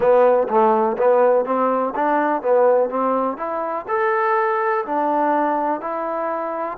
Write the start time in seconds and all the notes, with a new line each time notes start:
0.00 B3
0.48 A3
0.97 B3
1.45 C4
1.95 D4
2.42 B3
2.89 C4
3.37 E4
3.88 A4
4.85 D4
5.80 E4